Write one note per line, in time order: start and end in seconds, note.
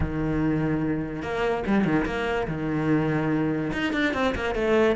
0.00 1.22 D#3
1.22 1.63 A#3
1.66 1.84 G3
1.84 2.05 D#3
2.05 2.47 A#3
2.47 3.71 D#3
3.72 3.93 D#4
3.93 4.13 D4
4.13 4.34 C4
4.35 4.55 A#3
4.55 4.95 A3